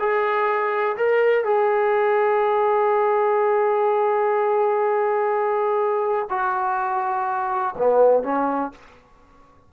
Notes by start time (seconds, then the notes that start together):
0.00 G#4
0.97 A#4
1.45 G#4
6.30 F#4
7.78 B3
8.24 C#4